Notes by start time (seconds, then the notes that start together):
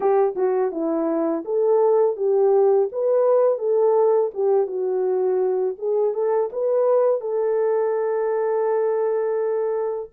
0.00 G4
0.35 F#4
0.71 E4
1.45 A4
2.16 G4
2.91 B4
3.58 A4
4.34 G4
4.66 F#4
5.78 G#4
6.13 A4
6.52 B4
7.20 A4